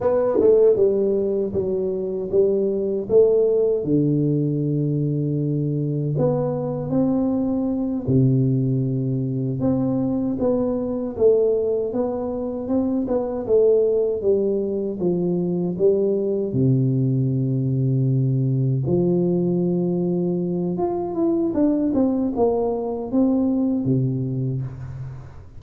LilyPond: \new Staff \with { instrumentName = "tuba" } { \time 4/4 \tempo 4 = 78 b8 a8 g4 fis4 g4 | a4 d2. | b4 c'4. c4.~ | c8 c'4 b4 a4 b8~ |
b8 c'8 b8 a4 g4 f8~ | f8 g4 c2~ c8~ | c8 f2~ f8 f'8 e'8 | d'8 c'8 ais4 c'4 c4 | }